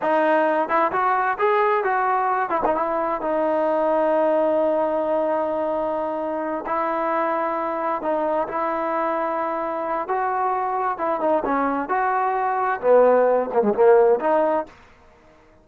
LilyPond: \new Staff \with { instrumentName = "trombone" } { \time 4/4 \tempo 4 = 131 dis'4. e'8 fis'4 gis'4 | fis'4. e'16 dis'16 e'4 dis'4~ | dis'1~ | dis'2~ dis'8 e'4.~ |
e'4. dis'4 e'4.~ | e'2 fis'2 | e'8 dis'8 cis'4 fis'2 | b4. ais16 gis16 ais4 dis'4 | }